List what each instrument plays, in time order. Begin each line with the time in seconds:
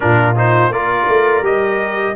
0.00 tuba A#2, trombone D4, horn F4, trumpet A#4
0.35 trombone D#4, trumpet C5
0.70 tuba A#3, trombone F4, horn A#4, trumpet D5
1.08 tuba A3
1.41 tuba G3, trombone G4, trumpet D#5